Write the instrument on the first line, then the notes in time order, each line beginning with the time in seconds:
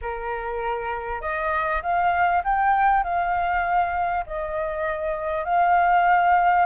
flute
0.01 A#4
1.21 D#5
1.82 F5
2.44 G5
3.03 F5
4.26 D#5
5.44 F5